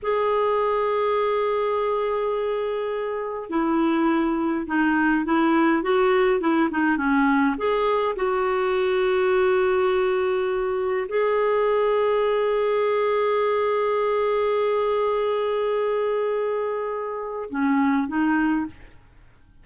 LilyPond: \new Staff \with { instrumentName = "clarinet" } { \time 4/4 \tempo 4 = 103 gis'1~ | gis'2 e'2 | dis'4 e'4 fis'4 e'8 dis'8 | cis'4 gis'4 fis'2~ |
fis'2. gis'4~ | gis'1~ | gis'1~ | gis'2 cis'4 dis'4 | }